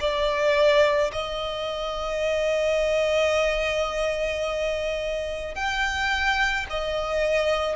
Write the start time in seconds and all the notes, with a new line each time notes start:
0.00 D5
1.12 D#5
5.55 G5
6.70 D#5